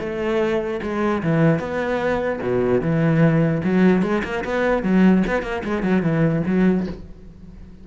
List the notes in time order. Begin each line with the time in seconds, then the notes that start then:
0.00 A3
0.83 G#3
1.23 E3
1.59 B3
2.42 B2
2.82 E3
3.64 F#3
4.02 G#3
4.24 A#3
4.45 B3
4.83 F#3
5.27 B3
5.43 A#3
5.64 G#3
5.83 F#3
6.03 E3
6.47 F#3